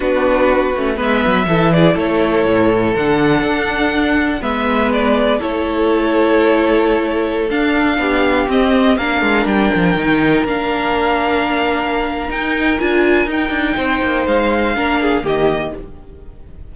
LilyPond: <<
  \new Staff \with { instrumentName = "violin" } { \time 4/4 \tempo 4 = 122 b'2 e''4. d''8 | cis''2 fis''2~ | fis''4 e''4 d''4 cis''4~ | cis''2.~ cis''16 f''8.~ |
f''4~ f''16 dis''4 f''4 g''8.~ | g''4~ g''16 f''2~ f''8.~ | f''4 g''4 gis''4 g''4~ | g''4 f''2 dis''4 | }
  \new Staff \with { instrumentName = "violin" } { \time 4/4 fis'2 b'4 a'8 gis'8 | a'1~ | a'4 b'2 a'4~ | a'1~ |
a'16 g'2 ais'4.~ ais'16~ | ais'1~ | ais'1 | c''2 ais'8 gis'8 g'4 | }
  \new Staff \with { instrumentName = "viola" } { \time 4/4 d'4. cis'8 b4 e'4~ | e'2 d'2~ | d'4 b2 e'4~ | e'2.~ e'16 d'8.~ |
d'4~ d'16 c'4 d'4.~ d'16~ | d'16 dis'4 d'2~ d'8.~ | d'4 dis'4 f'4 dis'4~ | dis'2 d'4 ais4 | }
  \new Staff \with { instrumentName = "cello" } { \time 4/4 b4. a8 gis8 fis8 e4 | a4 a,4 d4 d'4~ | d'4 gis2 a4~ | a2.~ a16 d'8.~ |
d'16 b4 c'4 ais8 gis8 g8 f16~ | f16 dis4 ais2~ ais8.~ | ais4 dis'4 d'4 dis'8 d'8 | c'8 ais8 gis4 ais4 dis4 | }
>>